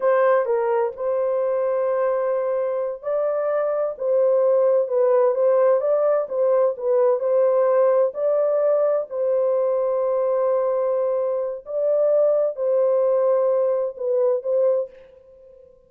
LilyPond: \new Staff \with { instrumentName = "horn" } { \time 4/4 \tempo 4 = 129 c''4 ais'4 c''2~ | c''2~ c''8 d''4.~ | d''8 c''2 b'4 c''8~ | c''8 d''4 c''4 b'4 c''8~ |
c''4. d''2 c''8~ | c''1~ | c''4 d''2 c''4~ | c''2 b'4 c''4 | }